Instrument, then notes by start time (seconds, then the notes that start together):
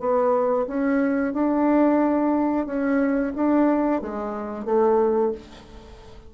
bassoon
0.00 B3
0.68 C#4
1.34 D4
2.66 C#4
3.35 D4
4.02 G#3
4.65 A3